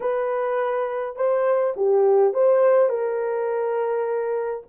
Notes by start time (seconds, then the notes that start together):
0.00 B4
1.15 C5
1.76 G4
2.33 C5
2.89 A#4